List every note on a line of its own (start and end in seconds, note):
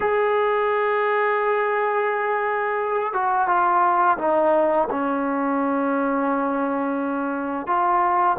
0.00 3.13 G#4
3.13 3.47 F#4
3.47 4.17 F4
4.18 4.87 D#4
4.90 7.66 C#4
7.66 8.36 F4